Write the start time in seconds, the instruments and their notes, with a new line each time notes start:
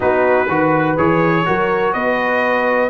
0.00 tuba B3, trombone D#4, horn F#4, trumpet B4
0.47 tuba D#3, trombone F#4, horn B4
0.97 tuba E3, trombone G#4, trumpet C#5
1.45 tuba F#3, trombone F#4, horn A#4
1.93 tuba B3, horn B4, trumpet D#5